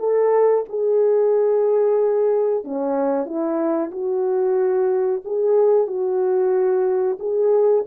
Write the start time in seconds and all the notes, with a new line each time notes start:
0.00 A4
0.69 G#4
2.64 C#4
3.26 E4
3.92 F#4
5.25 G#4
5.88 F#4
7.20 G#4